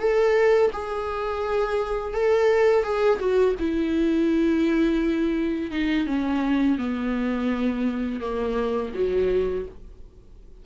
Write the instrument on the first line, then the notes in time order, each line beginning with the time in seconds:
viola
0.00 A4
0.73 G#4
2.14 A4
2.84 G#4
3.20 F#4
3.60 E4
5.71 D#4
6.07 C#4
6.79 B3
8.21 A#3
8.94 F#3